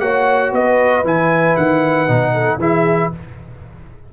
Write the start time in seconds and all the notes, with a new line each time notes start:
0.00 A#3 F#4 C#5 F#5
0.52 B3 B4 D#5
1.04 E3 E4 G#5
1.56 D#3 F#5
2.08 B2 D#4
2.33 A4
2.58 E3 E4 G#4 E5